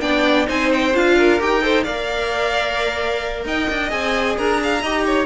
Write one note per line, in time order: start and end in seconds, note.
0.00 0.47 B3
0.00 0.46 D4
0.00 0.47 D5
0.00 0.46 G5
0.46 0.94 C4
0.46 0.92 D#4
0.46 1.15 C5
0.46 0.72 G#5
0.72 0.95 G5
0.94 1.40 D4
0.94 1.39 F4
0.94 1.41 F5
1.17 1.63 A#4
1.39 1.87 D#4
1.39 1.61 G4
1.39 1.83 G5
1.61 1.84 A4
1.61 1.83 C5
1.83 3.45 A#3
1.83 3.89 A#4
1.83 3.44 D5
1.83 3.43 F5
3.45 3.68 D#4
3.45 4.37 D#5
3.45 3.90 G5
3.69 3.91 D4
3.89 4.37 C4
3.89 4.80 G#4
3.89 4.36 G#5
4.37 4.82 D4
4.37 4.60 A#4
4.37 5.25 A#5
4.63 4.81 F5
4.81 5.25 D#4
4.81 5.25 G4
4.81 5.04 D#5
5.05 5.25 C#5